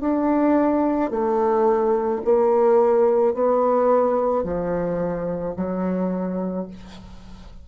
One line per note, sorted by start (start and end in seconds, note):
0.00 1.10 D4
1.10 2.21 A3
2.24 3.33 A#3
3.33 4.43 B3
4.43 5.54 F3
5.56 6.67 F#3